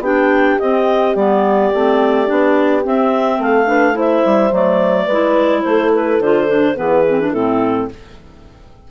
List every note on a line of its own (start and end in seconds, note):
0.00 0.56 B3
0.00 0.59 D4
0.00 3.40 G4
0.00 0.60 G5
0.60 1.16 C4
0.60 1.17 C4
0.60 1.16 D#5
1.16 1.72 G3
1.16 1.73 B3
1.16 2.84 D5
1.74 2.30 A3
1.74 2.26 C4
2.26 2.86 B3
2.26 2.82 D4
2.84 3.66 C4
2.84 3.39 C4
2.84 3.42 E5
3.39 4.23 A3
3.39 3.68 A4
3.39 3.98 F5
3.66 3.94 D4
3.66 3.96 B4
3.94 4.50 E4
3.94 5.07 C5
3.94 4.54 E5
4.25 4.52 G3
4.52 5.07 F#3
4.52 5.09 A3
4.52 5.62 D5
5.07 5.63 G#3
5.07 6.23 E4
5.07 5.63 B4
5.62 6.20 A3
5.62 6.78 A4
5.62 5.90 C5
5.94 6.21 B4
6.20 6.76 D3
6.20 6.47 F4
6.20 6.77 C5
6.47 6.75 D4
6.76 7.34 E3
6.76 7.04 B3
6.76 7.31 G#4
6.76 7.33 B4
7.09 7.21 C4
7.21 7.35 D4
7.31 7.90 A2
7.31 7.91 C4
7.31 7.87 E4
7.31 7.89 A4